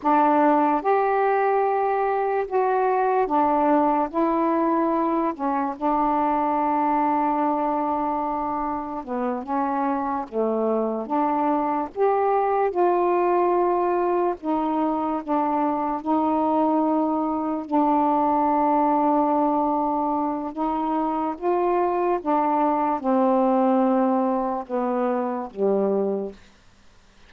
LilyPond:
\new Staff \with { instrumentName = "saxophone" } { \time 4/4 \tempo 4 = 73 d'4 g'2 fis'4 | d'4 e'4. cis'8 d'4~ | d'2. b8 cis'8~ | cis'8 a4 d'4 g'4 f'8~ |
f'4. dis'4 d'4 dis'8~ | dis'4. d'2~ d'8~ | d'4 dis'4 f'4 d'4 | c'2 b4 g4 | }